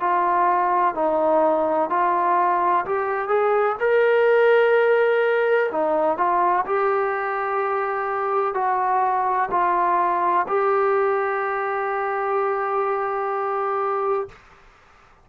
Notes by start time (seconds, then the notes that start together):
0.00 F4
0.94 D#4
1.90 F4
2.85 G4
3.28 G#4
3.80 A#4
5.71 D#4
6.17 F4
6.65 G4
8.54 F#4
9.51 F4
10.48 G4